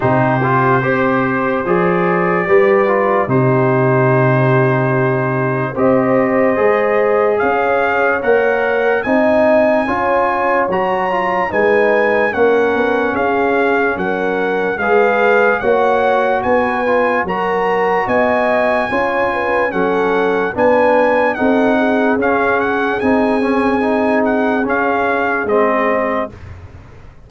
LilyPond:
<<
  \new Staff \with { instrumentName = "trumpet" } { \time 4/4 \tempo 4 = 73 c''2 d''2 | c''2. dis''4~ | dis''4 f''4 fis''4 gis''4~ | gis''4 ais''4 gis''4 fis''4 |
f''4 fis''4 f''4 fis''4 | gis''4 ais''4 gis''2 | fis''4 gis''4 fis''4 f''8 fis''8 | gis''4. fis''8 f''4 dis''4 | }
  \new Staff \with { instrumentName = "horn" } { \time 4/4 g'4 c''2 b'4 | g'2. c''4~ | c''4 cis''2 dis''4 | cis''2 b'4 ais'4 |
gis'4 ais'4 b'4 cis''4 | b'4 ais'4 dis''4 cis''8 b'8 | a'4 b'4 a'8 gis'4.~ | gis'1 | }
  \new Staff \with { instrumentName = "trombone" } { \time 4/4 dis'8 f'8 g'4 gis'4 g'8 f'8 | dis'2. g'4 | gis'2 ais'4 dis'4 | f'4 fis'8 f'8 dis'4 cis'4~ |
cis'2 gis'4 fis'4~ | fis'8 f'8 fis'2 f'4 | cis'4 d'4 dis'4 cis'4 | dis'8 cis'8 dis'4 cis'4 c'4 | }
  \new Staff \with { instrumentName = "tuba" } { \time 4/4 c4 c'4 f4 g4 | c2. c'4 | gis4 cis'4 ais4 c'4 | cis'4 fis4 gis4 ais8 b8 |
cis'4 fis4 gis4 ais4 | b4 fis4 b4 cis'4 | fis4 b4 c'4 cis'4 | c'2 cis'4 gis4 | }
>>